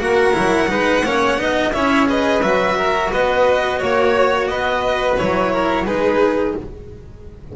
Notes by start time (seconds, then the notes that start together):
0.00 A#3 F#4 A#4 F#5
0.33 F#3 E4
0.68 G#3 D#4 B4
1.05 A#3 C#4 C#5
1.38 B3 D#4 D#5
1.73 C#4 E4 C#5 E5
2.07 G#4 B4 D#5
2.42 F#3 F#4 E5
2.78 A#4
3.12 B3 B4 D#5
3.79 A#3 C#5
4.48 B3 B4 D#5
5.18 F#3 E4 C#5
5.53 A#4
5.86 G#3 D#4 G#4 B4